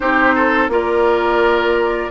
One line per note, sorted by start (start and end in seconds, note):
0.00 0.68 C4
0.00 0.69 D#4
0.00 0.35 G4
0.00 0.69 C5
0.35 0.70 A4
0.68 2.09 A#3
0.68 2.10 F4
0.68 2.10 A#4
0.68 2.10 D5